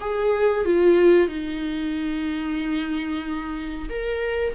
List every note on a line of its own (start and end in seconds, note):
0.00 0.65 G#4
0.65 1.27 F4
1.27 3.88 D#4
3.89 4.54 A#4